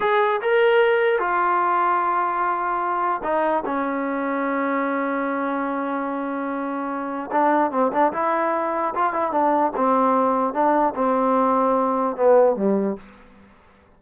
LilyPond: \new Staff \with { instrumentName = "trombone" } { \time 4/4 \tempo 4 = 148 gis'4 ais'2 f'4~ | f'1 | dis'4 cis'2.~ | cis'1~ |
cis'2 d'4 c'8 d'8 | e'2 f'8 e'8 d'4 | c'2 d'4 c'4~ | c'2 b4 g4 | }